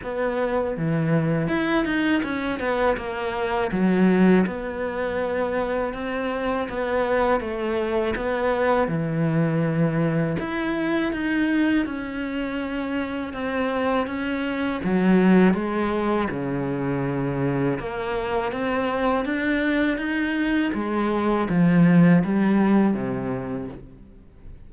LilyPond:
\new Staff \with { instrumentName = "cello" } { \time 4/4 \tempo 4 = 81 b4 e4 e'8 dis'8 cis'8 b8 | ais4 fis4 b2 | c'4 b4 a4 b4 | e2 e'4 dis'4 |
cis'2 c'4 cis'4 | fis4 gis4 cis2 | ais4 c'4 d'4 dis'4 | gis4 f4 g4 c4 | }